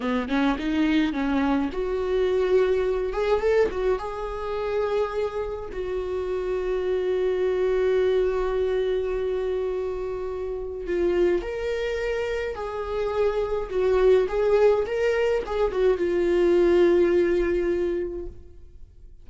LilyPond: \new Staff \with { instrumentName = "viola" } { \time 4/4 \tempo 4 = 105 b8 cis'8 dis'4 cis'4 fis'4~ | fis'4. gis'8 a'8 fis'8 gis'4~ | gis'2 fis'2~ | fis'1~ |
fis'2. f'4 | ais'2 gis'2 | fis'4 gis'4 ais'4 gis'8 fis'8 | f'1 | }